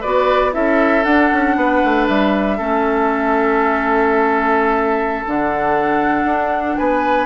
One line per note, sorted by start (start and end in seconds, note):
0.00 0.55 B3
0.00 0.51 F#4
0.00 0.51 B4
0.00 0.53 D5
0.51 1.04 C#4
0.51 1.02 E4
0.51 1.56 A4
0.51 1.04 E5
1.04 1.30 D4
1.04 2.58 D4
1.04 2.05 F#5
1.32 1.56 C#4
1.56 1.81 B3
1.56 2.57 B4
1.84 2.08 A3
2.07 2.59 G3
2.07 5.25 E5
2.57 5.26 A3
2.57 5.25 C#4
2.57 6.76 A4
5.25 6.24 D3
5.25 7.26 D4
5.25 6.77 F#5
6.24 6.75 D4
6.77 7.26 B3
6.77 7.26 B4
6.77 7.26 G#5